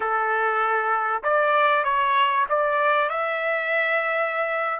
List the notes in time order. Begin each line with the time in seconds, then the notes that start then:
0.00 A4
1.23 D5
1.84 C#5
2.49 D5
3.09 E5